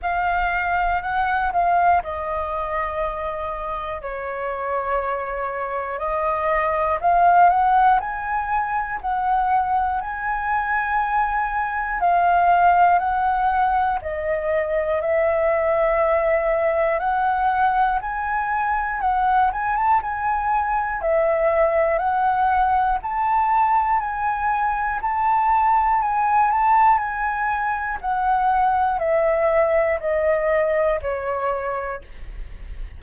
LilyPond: \new Staff \with { instrumentName = "flute" } { \time 4/4 \tempo 4 = 60 f''4 fis''8 f''8 dis''2 | cis''2 dis''4 f''8 fis''8 | gis''4 fis''4 gis''2 | f''4 fis''4 dis''4 e''4~ |
e''4 fis''4 gis''4 fis''8 gis''16 a''16 | gis''4 e''4 fis''4 a''4 | gis''4 a''4 gis''8 a''8 gis''4 | fis''4 e''4 dis''4 cis''4 | }